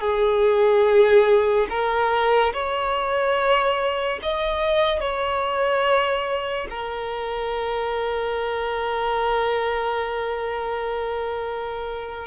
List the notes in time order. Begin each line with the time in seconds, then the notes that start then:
0.00 G#4
1.69 A#4
2.53 C#5
4.22 D#5
5.00 C#5
6.70 A#4